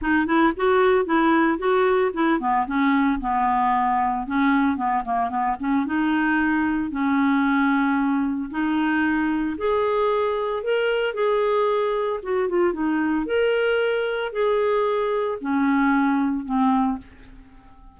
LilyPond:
\new Staff \with { instrumentName = "clarinet" } { \time 4/4 \tempo 4 = 113 dis'8 e'8 fis'4 e'4 fis'4 | e'8 b8 cis'4 b2 | cis'4 b8 ais8 b8 cis'8 dis'4~ | dis'4 cis'2. |
dis'2 gis'2 | ais'4 gis'2 fis'8 f'8 | dis'4 ais'2 gis'4~ | gis'4 cis'2 c'4 | }